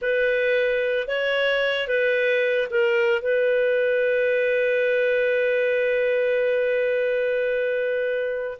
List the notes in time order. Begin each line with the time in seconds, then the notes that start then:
0.01 B4
1.07 C#5
1.87 B4
2.70 A#4
3.21 B4